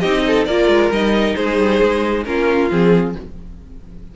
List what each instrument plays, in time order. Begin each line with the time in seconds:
0.00 cello C4, viola D#4, violin G4 D#5
0.27 violin A4
0.45 cello A#3, viola F4, violin A#4 D5
0.68 cello G#3
0.90 cello G3, viola D#4, violin D#5
1.35 cello G#3, violin G#4 C5
1.59 cello G3
1.82 cello G#3
2.25 cello A#3, viola C#4, violin F4 A#4
2.70 cello F3, viola C4, violin G#4